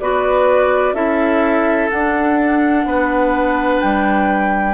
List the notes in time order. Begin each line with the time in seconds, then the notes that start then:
0.00 B3 F#4 B4 D5
0.93 C#4 E4 A4 E5
1.90 D4 F#5
2.85 B3 B4
3.81 G3 G5